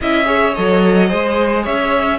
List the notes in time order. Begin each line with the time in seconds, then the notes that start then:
0.01 C#4 E4 D#5 E5
0.25 G#4 C#5
0.54 F#3 A4 D#5
1.07 G#3 G#4 C5
1.63 C#4 C#5 E5